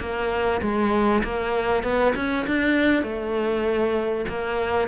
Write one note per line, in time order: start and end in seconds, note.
0.00 0.61 A#3
0.62 1.23 G#3
1.24 1.83 A#3
1.83 2.14 B3
2.16 2.46 C#4
2.47 3.03 D4
3.03 4.26 A3
4.29 4.88 A#3